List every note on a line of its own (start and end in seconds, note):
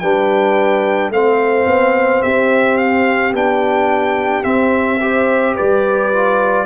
0.00 1.10 G3
0.00 1.13 D4
0.00 1.13 B4
0.00 1.11 G5
1.10 1.66 A3
1.10 3.35 C4
1.10 2.24 C5
1.10 2.23 F5
1.66 2.22 B3
2.23 3.33 C4
2.23 5.02 G4
2.23 2.78 E5
2.78 3.33 F5
3.33 4.44 B3
3.33 4.44 D4
3.33 4.44 G5
4.44 4.99 C4
4.44 5.56 C4
4.44 5.55 E5
5.01 6.12 G4
5.01 5.56 C5
5.56 6.67 G3
5.56 6.67 B4
5.56 6.67 D5
6.13 6.67 F4